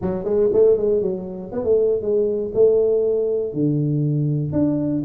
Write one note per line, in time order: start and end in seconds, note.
0.01 0.24 F#3
0.24 0.49 G#3
0.53 0.77 A3
0.77 1.01 G#3
1.01 1.51 F#3
1.52 1.64 B3
1.64 2.01 A3
2.01 2.52 G#3
2.54 3.53 A3
3.53 4.52 D3
4.52 5.03 D4